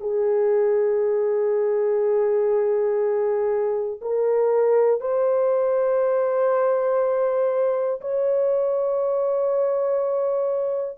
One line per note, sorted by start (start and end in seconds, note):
0.00 4.00 G#4
4.02 5.01 A#4
5.01 8.01 C5
8.01 10.98 C#5